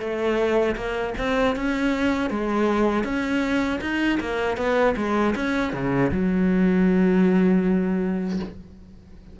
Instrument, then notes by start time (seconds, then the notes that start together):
cello
0.00 A3
0.76 A#3
1.18 C4
1.56 C#4
2.31 G#3
3.04 C#4
3.81 D#4
4.20 A#3
4.57 B3
4.97 G#3
5.36 C#4
5.73 C#3
6.12 F#3